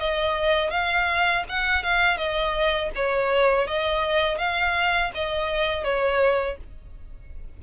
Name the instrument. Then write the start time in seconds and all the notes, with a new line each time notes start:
violin
0.00 D#5
0.71 F5
1.49 F#5
1.84 F5
2.18 D#5
2.96 C#5
3.68 D#5
4.38 F5
5.15 D#5
5.84 C#5